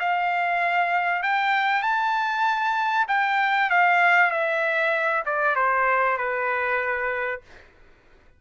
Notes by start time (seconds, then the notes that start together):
0.00 F5
1.23 G5
1.82 A5
3.08 G5
3.70 F5
4.31 E5
5.26 D5
5.56 C5
6.18 B4